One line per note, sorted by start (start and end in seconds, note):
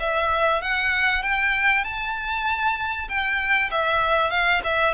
0.00 0.62 E5
0.62 1.23 F#5
1.23 1.84 G5
1.84 3.08 A5
3.09 3.71 G5
3.71 4.31 E5
4.31 4.62 F5
4.64 4.94 E5